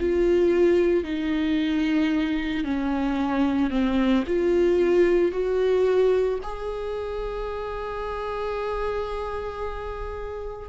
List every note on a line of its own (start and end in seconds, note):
0.00 1.04 F4
1.04 2.64 D#4
2.64 3.71 C#4
3.71 4.24 C4
4.27 5.32 F4
5.32 6.39 F#4
6.43 10.69 G#4